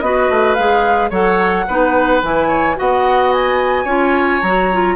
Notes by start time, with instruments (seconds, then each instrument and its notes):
0.00 bassoon B3, clarinet F#4, oboe B4, flute D#5
0.29 bassoon A3
0.54 bassoon G#3, clarinet G#4, flute F5
1.10 bassoon F#3, clarinet A4, oboe C#5, flute F#5
1.67 bassoon B3, clarinet D#4, oboe B4
2.21 bassoon E3, clarinet E4, flute G#5
2.48 oboe C#5
2.75 bassoon B3, clarinet F#4, oboe D#5, flute F#5
3.32 flute G#5
3.84 bassoon C#4, clarinet F4, oboe C#5
4.41 bassoon F#3, clarinet F#4, flute A#5
4.72 clarinet F4